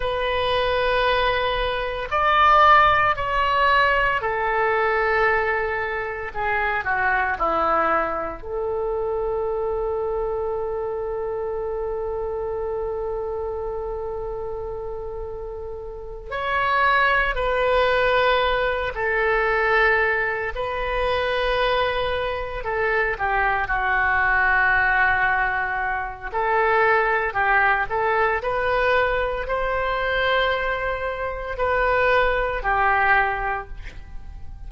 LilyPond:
\new Staff \with { instrumentName = "oboe" } { \time 4/4 \tempo 4 = 57 b'2 d''4 cis''4 | a'2 gis'8 fis'8 e'4 | a'1~ | a'2.~ a'8 cis''8~ |
cis''8 b'4. a'4. b'8~ | b'4. a'8 g'8 fis'4.~ | fis'4 a'4 g'8 a'8 b'4 | c''2 b'4 g'4 | }